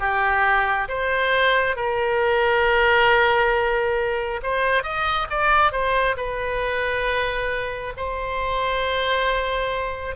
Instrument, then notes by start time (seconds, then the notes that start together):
oboe
0.00 G4
0.89 C5
1.76 A#4
4.43 C5
4.83 D#5
5.30 D5
5.72 C5
6.17 B4
7.97 C5